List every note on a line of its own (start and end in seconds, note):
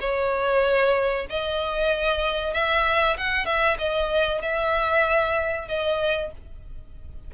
0.00 1.26 C#5
1.29 2.53 D#5
2.53 3.17 E5
3.17 3.45 F#5
3.45 3.77 E5
3.78 4.42 D#5
4.42 5.68 E5
5.68 6.31 D#5